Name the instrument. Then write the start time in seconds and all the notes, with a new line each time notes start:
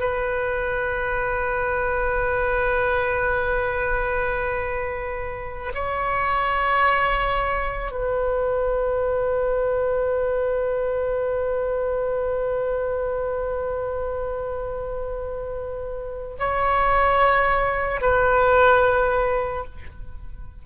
oboe
0.00 B4
5.75 C#5
7.92 B4
16.39 C#5
18.01 B4